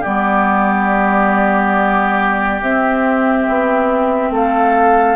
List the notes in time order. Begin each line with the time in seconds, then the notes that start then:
0.00 G3 B3 G4 D5
2.61 C4 E5
3.49 B3
4.31 A3 A4 F5